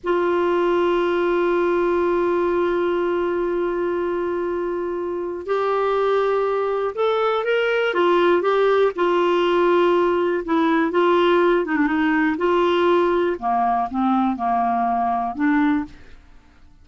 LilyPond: \new Staff \with { instrumentName = "clarinet" } { \time 4/4 \tempo 4 = 121 f'1~ | f'1~ | f'2. g'4~ | g'2 a'4 ais'4 |
f'4 g'4 f'2~ | f'4 e'4 f'4. dis'16 d'16 | dis'4 f'2 ais4 | c'4 ais2 d'4 | }